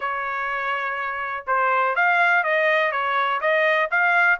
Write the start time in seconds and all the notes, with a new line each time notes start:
0.00 C#5
1.47 C5
1.95 F5
2.43 D#5
2.91 C#5
3.41 D#5
3.90 F5